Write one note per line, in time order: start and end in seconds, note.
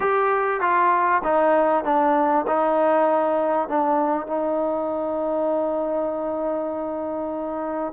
0.00 0.60 G4
0.60 1.22 F4
1.24 1.84 D#4
1.84 2.45 D4
2.47 3.68 D#4
3.68 4.26 D4
4.26 7.93 D#4